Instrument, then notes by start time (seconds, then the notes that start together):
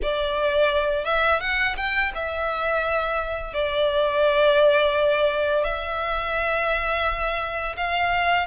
violin
0.02 D5
1.05 E5
1.40 F#5
1.76 G5
2.15 E5
3.53 D5
5.64 E5
7.76 F5